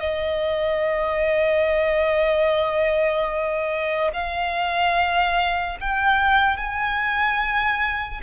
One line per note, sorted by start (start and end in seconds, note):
0.00 4.11 D#5
4.13 5.78 F5
5.80 6.57 G5
6.57 8.22 G#5